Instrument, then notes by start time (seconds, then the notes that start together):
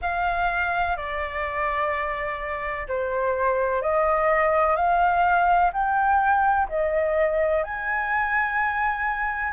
flute
0.01 F5
0.96 D5
2.88 C5
3.81 D#5
4.76 F5
5.72 G5
6.68 D#5
7.63 G#5